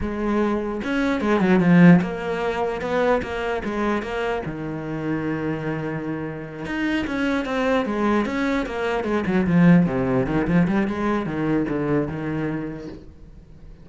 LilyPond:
\new Staff \with { instrumentName = "cello" } { \time 4/4 \tempo 4 = 149 gis2 cis'4 gis8 fis8 | f4 ais2 b4 | ais4 gis4 ais4 dis4~ | dis1~ |
dis8 dis'4 cis'4 c'4 gis8~ | gis8 cis'4 ais4 gis8 fis8 f8~ | f8 c4 dis8 f8 g8 gis4 | dis4 d4 dis2 | }